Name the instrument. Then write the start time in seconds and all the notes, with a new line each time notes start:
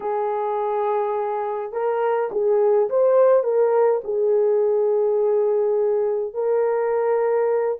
horn
0.00 G#4
1.72 A#4
2.31 G#4
2.89 C5
3.43 A#4
4.04 G#4
6.33 A#4